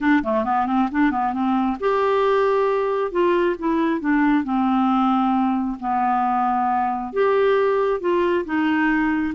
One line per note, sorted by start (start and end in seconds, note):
0.00 0.23 D4
0.23 0.44 A3
0.44 0.66 B3
0.66 0.88 C4
0.91 1.11 D4
1.11 1.33 B3
1.33 1.77 C4
1.80 3.11 G4
3.11 3.56 F4
3.58 4.00 E4
4.00 4.44 D4
4.44 5.77 C4
5.79 7.12 B3
7.12 8.00 G4
8.00 8.44 F4
8.45 9.34 D#4